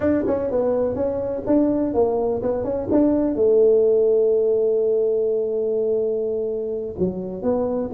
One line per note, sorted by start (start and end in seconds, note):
0.00 0.24 D4
0.26 0.50 C#4
0.50 0.95 B3
0.95 1.43 C#4
1.46 1.94 D4
1.94 2.42 A#3
2.42 2.64 B3
2.64 2.88 C#4
2.91 3.35 D4
3.35 6.95 A3
6.98 7.42 F#3
7.42 7.90 B3